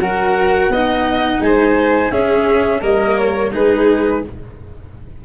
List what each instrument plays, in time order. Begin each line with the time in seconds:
0.00 tuba F#3, cello F#4, violin A#4, flute F#5
0.69 tuba B3, cello D#4, violin D#5
1.40 tuba G#3, violin C5, flute G#5
2.11 tuba C#4, cello C#4, violin G#4, flute E5
2.81 tuba G3, cello A#3, violin A#4, flute D#5
3.18 flute C#5
3.51 tuba G#3, cello D#4, violin G#4, flute B4